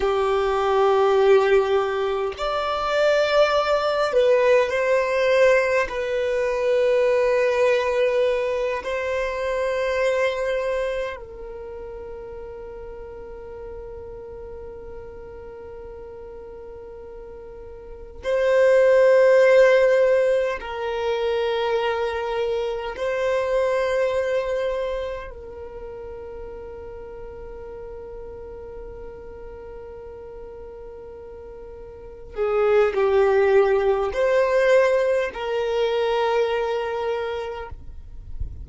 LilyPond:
\new Staff \with { instrumentName = "violin" } { \time 4/4 \tempo 4 = 51 g'2 d''4. b'8 | c''4 b'2~ b'8 c''8~ | c''4. ais'2~ ais'8~ | ais'2.~ ais'8 c''8~ |
c''4. ais'2 c''8~ | c''4. ais'2~ ais'8~ | ais'2.~ ais'8 gis'8 | g'4 c''4 ais'2 | }